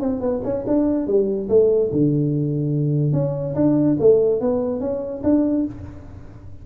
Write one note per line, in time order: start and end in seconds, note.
0.00 0.21 C4
0.21 0.41 B3
0.44 0.65 C#4
0.67 1.07 D4
1.07 1.49 G3
1.49 1.91 A3
1.92 3.13 D3
3.13 3.54 C#4
3.55 3.97 D4
4.00 4.41 A3
4.41 4.80 B3
4.80 5.22 C#4
5.23 5.65 D4